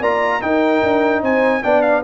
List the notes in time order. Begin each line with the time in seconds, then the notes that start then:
0.00 A#3 F4 D5 A#5
0.42 D#4 A#4 G5
0.83 D4
1.22 C4 C5 G#5
1.63 B3 D4 D5 G5
1.82 F5